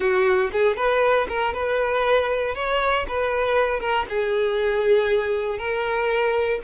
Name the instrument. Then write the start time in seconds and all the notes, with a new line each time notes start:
violin
0.00 F#4
0.52 G#4
0.76 B4
1.28 A#4
1.53 B4
2.54 C#5
3.08 B4
3.80 A#4
4.09 G#4
5.58 A#4